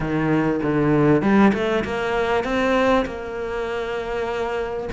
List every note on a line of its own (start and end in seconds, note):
0.00 0.61 D#3
0.62 1.22 D3
1.22 1.52 G3
1.53 1.84 A3
1.84 2.44 A#3
2.44 3.05 C4
3.05 4.89 A#3